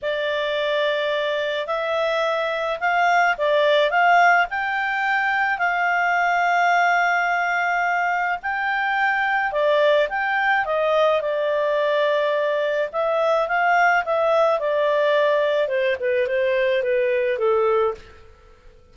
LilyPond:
\new Staff \with { instrumentName = "clarinet" } { \time 4/4 \tempo 4 = 107 d''2. e''4~ | e''4 f''4 d''4 f''4 | g''2 f''2~ | f''2. g''4~ |
g''4 d''4 g''4 dis''4 | d''2. e''4 | f''4 e''4 d''2 | c''8 b'8 c''4 b'4 a'4 | }